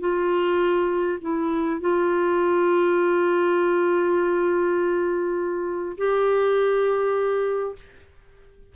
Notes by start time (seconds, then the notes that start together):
0.00 F4
1.21 E4
1.81 F4
5.98 G4